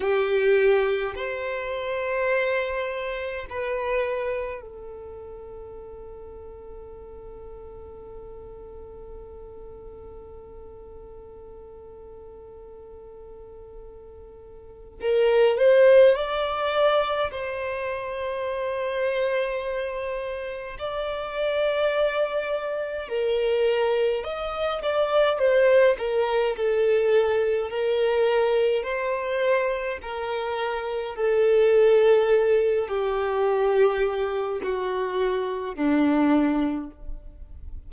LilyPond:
\new Staff \with { instrumentName = "violin" } { \time 4/4 \tempo 4 = 52 g'4 c''2 b'4 | a'1~ | a'1~ | a'4 ais'8 c''8 d''4 c''4~ |
c''2 d''2 | ais'4 dis''8 d''8 c''8 ais'8 a'4 | ais'4 c''4 ais'4 a'4~ | a'8 g'4. fis'4 d'4 | }